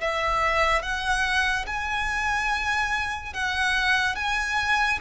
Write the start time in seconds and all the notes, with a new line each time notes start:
0.00 E5
0.82 F#5
1.66 G#5
3.33 F#5
4.15 G#5